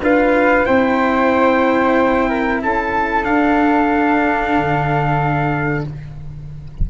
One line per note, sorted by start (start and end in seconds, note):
0.00 0.65 D4
0.00 0.66 F4
0.00 0.66 B4
0.00 0.65 F5
0.65 2.63 C4
0.65 3.23 E4
0.65 2.29 C5
0.65 2.61 G5
2.29 2.61 A#4
2.61 3.28 C#4
2.61 5.90 A4
2.61 3.24 A5
3.23 5.83 D4
3.23 4.57 D4
3.23 5.85 F5
4.57 5.87 D3